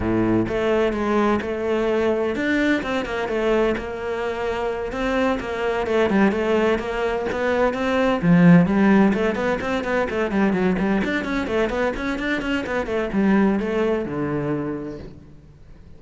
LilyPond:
\new Staff \with { instrumentName = "cello" } { \time 4/4 \tempo 4 = 128 a,4 a4 gis4 a4~ | a4 d'4 c'8 ais8 a4 | ais2~ ais8 c'4 ais8~ | ais8 a8 g8 a4 ais4 b8~ |
b8 c'4 f4 g4 a8 | b8 c'8 b8 a8 g8 fis8 g8 d'8 | cis'8 a8 b8 cis'8 d'8 cis'8 b8 a8 | g4 a4 d2 | }